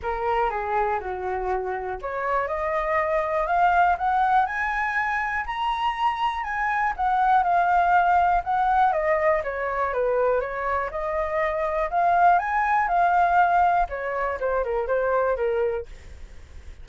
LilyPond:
\new Staff \with { instrumentName = "flute" } { \time 4/4 \tempo 4 = 121 ais'4 gis'4 fis'2 | cis''4 dis''2 f''4 | fis''4 gis''2 ais''4~ | ais''4 gis''4 fis''4 f''4~ |
f''4 fis''4 dis''4 cis''4 | b'4 cis''4 dis''2 | f''4 gis''4 f''2 | cis''4 c''8 ais'8 c''4 ais'4 | }